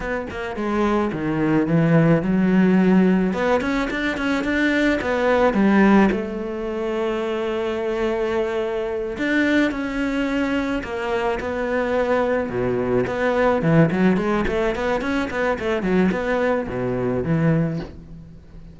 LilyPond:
\new Staff \with { instrumentName = "cello" } { \time 4/4 \tempo 4 = 108 b8 ais8 gis4 dis4 e4 | fis2 b8 cis'8 d'8 cis'8 | d'4 b4 g4 a4~ | a1~ |
a8 d'4 cis'2 ais8~ | ais8 b2 b,4 b8~ | b8 e8 fis8 gis8 a8 b8 cis'8 b8 | a8 fis8 b4 b,4 e4 | }